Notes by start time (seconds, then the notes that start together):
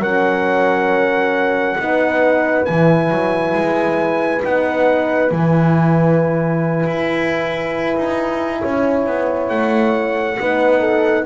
0.00 F#3 C#4 A#4 F#5
1.78 B3 D#4 B4
2.65 E3 E4 G#5
3.11 F#3
3.55 G#3
4.43 B3 D#4 F#5
5.32 E3 E4 G#5
6.86 E4
7.97 D#4
8.60 C#4 C#5
9.06 B3
9.49 A3 F#5
10.40 B3 D#4 B4
10.80 A4